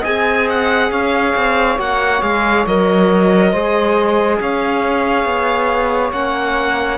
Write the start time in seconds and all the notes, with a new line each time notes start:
0.00 C4 G#4 D#5 G#5
0.49 F#5
0.90 C#4 C#5 F5
1.36 C4
1.77 A#3 F#4 F#5
2.21 G#3 G#4 F5
2.66 F#3 A#4 D#5
3.51 G#3 G#4 C5
4.39 C#4 C#5 F5
5.25 B3
6.12 A#3 C#4 F#5